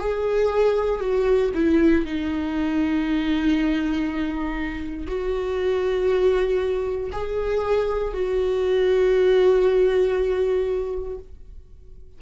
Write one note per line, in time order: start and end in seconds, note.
0.00 1.01 G#4
1.01 1.52 F#4
1.55 2.06 E4
2.06 5.08 D#4
5.08 7.11 F#4
7.12 8.14 G#4
8.14 11.19 F#4